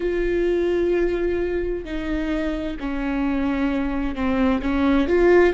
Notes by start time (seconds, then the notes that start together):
0.00 F4
1.84 D#4
2.79 C#4
4.15 C4
4.61 C#4
5.07 F4